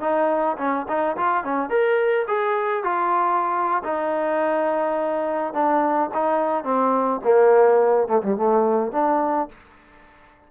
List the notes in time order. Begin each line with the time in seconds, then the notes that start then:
0.00 D#4
0.57 C#4
0.88 D#4
1.17 F4
1.44 C#4
1.69 A#4
2.27 G#4
2.84 F4
3.83 D#4
5.53 D4
6.14 D#4
6.64 C4
7.24 A#3
8.07 A3
8.22 G3
8.36 A3
8.92 D4